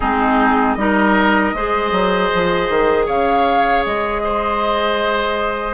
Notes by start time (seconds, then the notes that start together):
0.00 G#3 C4 D#4 G#4
0.74 G3 D#4 A#4 D#5
1.53 G#3 G#4 C5
1.91 F#3
2.34 F3
2.69 D#3
3.06 C#3 C#5 F5
3.85 G#3 D#5
4.23 C5